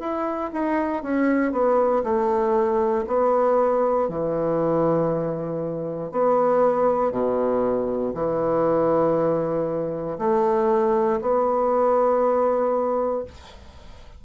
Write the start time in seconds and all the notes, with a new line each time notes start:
0.00 E4
0.53 D#4
1.03 C#4
1.53 B3
2.04 A3
3.07 B3
4.09 E3
6.12 B3
7.12 B2
8.14 E3
10.19 A3
11.21 B3